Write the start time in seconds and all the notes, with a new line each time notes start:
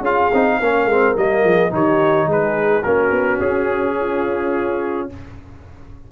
0.00 C#4 F4 G#4 F5
0.32 C4 D#4
0.60 A#3 C#4 A#4
0.85 G#3 C4
1.17 G3 A#3 D#5
1.43 F3 G#4
1.70 D#3 D#4 G4 C#5
2.27 G#3 G#4 B4
2.83 A#3 C#4 F#4 A#4
3.11 B3
3.39 C#4 G#4
3.99 F4